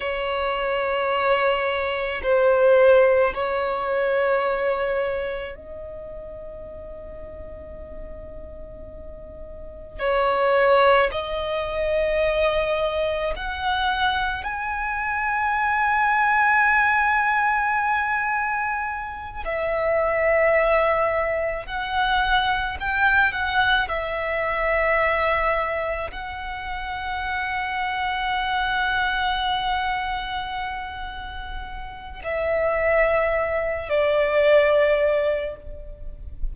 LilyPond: \new Staff \with { instrumentName = "violin" } { \time 4/4 \tempo 4 = 54 cis''2 c''4 cis''4~ | cis''4 dis''2.~ | dis''4 cis''4 dis''2 | fis''4 gis''2.~ |
gis''4. e''2 fis''8~ | fis''8 g''8 fis''8 e''2 fis''8~ | fis''1~ | fis''4 e''4. d''4. | }